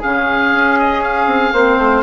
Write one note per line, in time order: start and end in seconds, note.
0.00 0.54 C#3
0.00 1.55 C#4
0.00 1.53 G#4
0.00 0.80 F5
0.54 1.26 C#4
0.80 1.03 D#5
1.03 2.03 F5
1.26 1.52 C4
1.53 1.78 A#3
1.53 2.03 C4
1.53 2.03 C5
1.78 2.03 A3